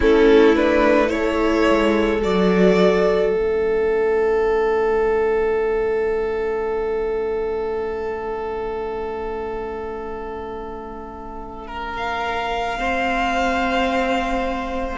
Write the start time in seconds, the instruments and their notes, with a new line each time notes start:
0.00 cello A3, viola C#4, violin E4 A4
0.55 viola D4, violin B4
1.07 viola E4, violin A4 C#5
1.70 cello G#3
2.22 cello F#3, viola F#4, violin D5
3.31 cello A3, viola C#4, violin E5
11.67 violin A#4
11.97 violin F5
12.77 viola C4, violin C5